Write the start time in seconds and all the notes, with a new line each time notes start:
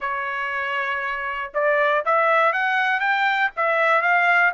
0.00 C#5
1.54 D5
2.05 E5
2.52 F#5
3.00 G5
3.56 E5
4.01 F5